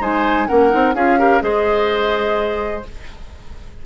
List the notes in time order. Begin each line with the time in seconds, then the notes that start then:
0.00 G#3 D#4 C5 G#5
0.47 A#3 C#4 A#4 F#5
0.69 C4 D#4
0.94 C#4 F4 G#4 F5
1.18 G4 A#4
1.40 G#3 G#4 C5 D#5